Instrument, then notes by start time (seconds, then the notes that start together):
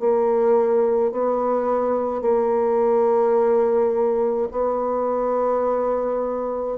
bassoon
0.00 A#3
1.12 B3
2.22 A#3
4.52 B3